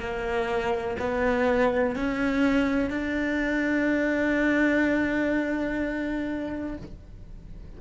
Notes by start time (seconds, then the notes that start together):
0.00 A#3
0.99 B3
1.96 C#4
2.90 D4